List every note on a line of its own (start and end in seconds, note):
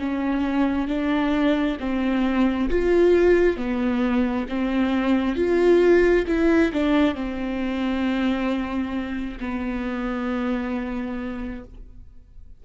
0.00 0.88 C#4
0.88 1.78 D4
1.80 2.69 C4
2.70 3.57 F4
3.57 4.47 B3
4.49 5.36 C4
5.36 6.26 F4
6.28 6.72 E4
6.73 7.15 D4
7.15 9.39 C4
9.41 11.65 B3